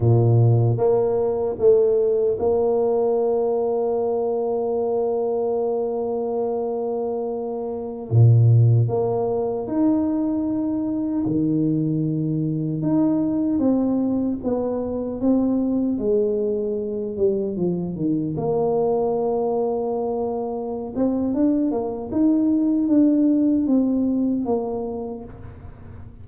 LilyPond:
\new Staff \with { instrumentName = "tuba" } { \time 4/4 \tempo 4 = 76 ais,4 ais4 a4 ais4~ | ais1~ | ais2~ ais16 ais,4 ais8.~ | ais16 dis'2 dis4.~ dis16~ |
dis16 dis'4 c'4 b4 c'8.~ | c'16 gis4. g8 f8 dis8 ais8.~ | ais2~ ais8 c'8 d'8 ais8 | dis'4 d'4 c'4 ais4 | }